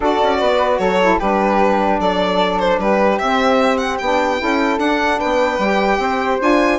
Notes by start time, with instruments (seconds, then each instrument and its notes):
0.00 bassoon D4, saxophone F#4, flute A4, violin D5
0.23 bassoon C#4
0.39 bassoon B3, flute B4
0.78 bassoon F#3, flute A4, violin C#5
1.01 saxophone E4
1.19 bassoon G3, saxophone D4, flute G4, violin B4
2.00 bassoon F#3, flute A4, violin D5
2.59 violin C5
2.78 bassoon G3, flute G4, violin B4
3.19 bassoon C4, saxophone C4, violin E5
3.77 violin F#5
3.98 bassoon B3, saxophone D4, violin G5
4.38 bassoon C#4, saxophone E4, flute A4
4.78 bassoon D4, saxophone D4, violin F#5
5.18 bassoon B3, flute B4, violin G5
5.58 bassoon G3, saxophone G4
5.98 bassoon C4, flute C5
6.40 bassoon D4, saxophone F4, violin G#5